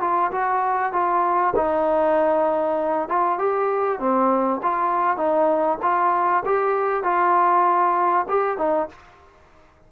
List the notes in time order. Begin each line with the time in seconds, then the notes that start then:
0.00 F4
0.31 F#4
0.92 F4
1.56 D#4
3.08 F4
3.38 G4
3.99 C4
4.62 F4
5.17 D#4
5.82 F4
6.45 G4
7.03 F4
8.28 G4
8.58 D#4